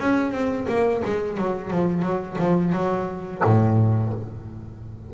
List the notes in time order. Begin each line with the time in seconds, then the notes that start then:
0.00 C#4
0.32 C4
0.68 A#3
1.05 G#3
1.38 F#3
1.71 F3
2.03 F#3
2.39 F3
2.73 F#3
3.45 A2